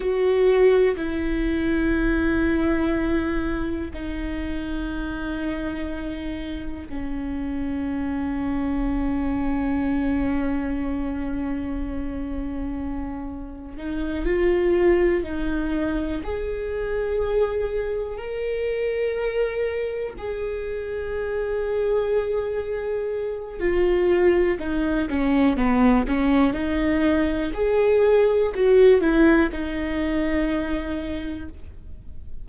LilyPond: \new Staff \with { instrumentName = "viola" } { \time 4/4 \tempo 4 = 61 fis'4 e'2. | dis'2. cis'4~ | cis'1~ | cis'2 dis'8 f'4 dis'8~ |
dis'8 gis'2 ais'4.~ | ais'8 gis'2.~ gis'8 | f'4 dis'8 cis'8 b8 cis'8 dis'4 | gis'4 fis'8 e'8 dis'2 | }